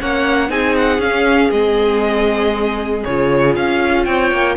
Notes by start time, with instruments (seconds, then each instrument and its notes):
0.00 cello A#3, viola C#4, violin C#5 F#5
0.49 cello C4, viola D#4, violin G#4 G#5
0.76 violin F#5
0.98 cello C#4, viola C#4, violin F5
1.51 cello G#3, viola C4, violin D#5
3.04 cello C#3, viola F4, violin C#5
3.56 cello C#4, violin F5
4.04 cello C4, violin C#5 G5
4.31 cello A#3